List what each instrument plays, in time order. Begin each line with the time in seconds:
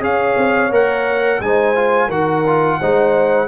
0.00 tuba C#4, trombone G#4, horn C#5, trumpet F5
0.37 tuba C4
0.70 tuba A#3, trombone A#4, trumpet F#5
1.40 tuba G#3, trombone D#4, horn C5, trumpet G#5
1.75 trombone F4
2.07 tuba D#3, trombone F#4, horn A#4, trumpet F#5
2.46 trombone F4
2.80 tuba G#3, trombone D#4, horn C5